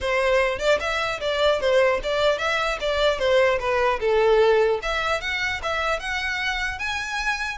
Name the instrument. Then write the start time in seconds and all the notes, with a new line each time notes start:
violin
0.01 C5
0.58 D5
0.79 E5
1.20 D5
1.60 C5
2.03 D5
2.38 E5
2.80 D5
3.19 C5
3.59 B4
3.99 A4
4.82 E5
5.20 F#5
5.63 E5
5.99 F#5
6.78 G#5